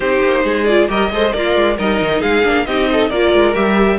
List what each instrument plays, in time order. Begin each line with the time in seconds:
0.00 cello C4, viola D#4, violin G4 C5
0.23 cello A#3
0.44 cello G#3, violin G#4
0.64 viola F4, violin D5
0.88 cello G3, viola G4, violin A#4 D#5
1.11 cello G#3, viola A4, violin C5
1.32 cello A#3, violin F4 D5, viola A#4
1.56 cello G#3
1.77 cello G3, viola D#4, violin A#4 D#5
2.01 cello D#3
2.20 cello G#3, violin G#4 F5
2.44 cello A#3, viola D4
2.65 cello C4, viola D#4, violin G4 D#5
2.92 violin A4
3.09 cello A#3, viola F4, violin A#4 D5
3.33 cello G#3
3.54 cello G3, viola G4, violin E5